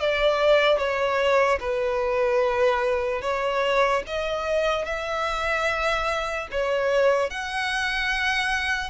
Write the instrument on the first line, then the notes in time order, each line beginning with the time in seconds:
violin
0.00 D5
0.78 C#5
1.60 B4
3.22 C#5
4.07 D#5
4.85 E5
6.51 C#5
7.30 F#5